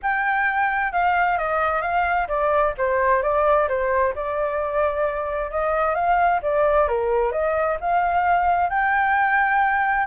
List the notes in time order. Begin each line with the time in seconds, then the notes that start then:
0.02 G5
0.92 F5
1.38 D#5
1.81 F5
2.28 D5
2.77 C5
3.22 D5
3.68 C5
4.15 D5
5.50 D#5
5.94 F5
6.42 D5
6.88 A#4
7.32 D#5
7.80 F5
8.69 G5